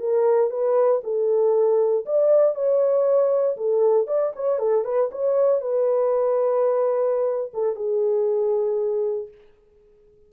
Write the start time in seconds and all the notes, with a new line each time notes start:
0.00 A#4
0.51 B4
1.04 A4
2.06 D5
2.55 C#5
3.57 A4
4.07 D5
4.36 C#5
4.59 A4
4.85 B4
5.12 C#5
5.61 B4
7.54 A4
7.76 G#4